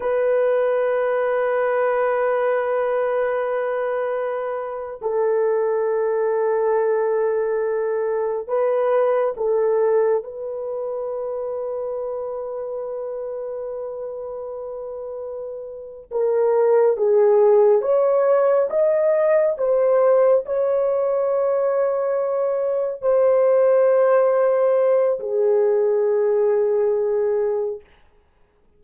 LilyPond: \new Staff \with { instrumentName = "horn" } { \time 4/4 \tempo 4 = 69 b'1~ | b'4.~ b'16 a'2~ a'16~ | a'4.~ a'16 b'4 a'4 b'16~ | b'1~ |
b'2~ b'8 ais'4 gis'8~ | gis'8 cis''4 dis''4 c''4 cis''8~ | cis''2~ cis''8 c''4.~ | c''4 gis'2. | }